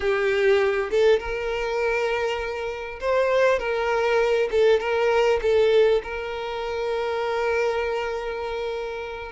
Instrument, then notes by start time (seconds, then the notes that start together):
violin
0.00 G4
0.90 A4
1.19 A#4
3.00 C5
3.59 A#4
4.51 A4
4.80 A#4
5.42 A4
6.03 A#4